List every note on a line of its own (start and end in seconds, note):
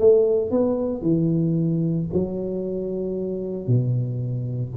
0.00 0.51 A3
0.51 1.02 B3
1.02 2.07 E3
2.13 3.67 F#3
3.67 4.73 B2